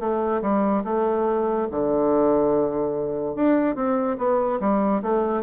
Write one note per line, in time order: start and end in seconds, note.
0.00 0.42 A3
0.42 0.84 G3
0.85 1.68 A3
1.72 3.36 D3
3.36 3.76 D4
3.76 4.18 C4
4.18 4.60 B3
4.61 5.02 G3
5.03 5.44 A3